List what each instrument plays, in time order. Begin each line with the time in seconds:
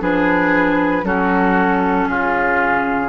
0.00 bassoon F3, clarinet D4, oboe G#4, flute B4
1.03 bassoon F#3, clarinet C#4, oboe F#4, flute A4
2.05 bassoon C#3, oboe F4, flute G#4